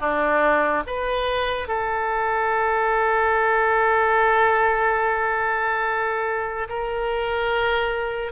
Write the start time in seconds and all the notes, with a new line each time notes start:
0.00 D4
0.86 B4
1.68 A4
6.69 A#4